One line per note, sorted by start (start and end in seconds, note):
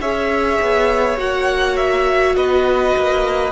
0.00 0.59 C#4
0.00 1.17 G#4
0.00 2.35 C#5
0.00 1.19 E5
0.62 1.18 B3
1.17 2.35 A#3
1.17 3.52 F#4
1.17 1.77 F#5
1.77 2.36 E5
2.36 2.94 B3
2.36 3.52 B4
2.36 3.52 D#5
2.96 3.52 A#3